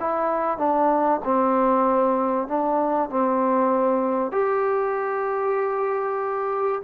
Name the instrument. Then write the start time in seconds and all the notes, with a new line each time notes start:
trombone
0.00 E4
0.58 D4
1.24 C4
2.48 D4
3.10 C4
4.32 G4